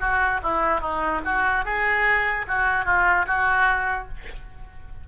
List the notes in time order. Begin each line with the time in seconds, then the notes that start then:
0.00 F#4
0.43 E4
0.81 D#4
1.25 F#4
1.65 G#4
2.48 F#4
2.86 F4
3.27 F#4